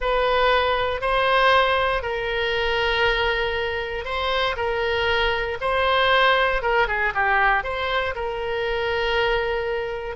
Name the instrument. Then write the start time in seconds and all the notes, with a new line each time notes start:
oboe
0.00 B4
1.01 C5
2.02 A#4
4.04 C5
4.56 A#4
5.60 C5
6.62 A#4
6.87 G#4
7.14 G4
7.63 C5
8.15 A#4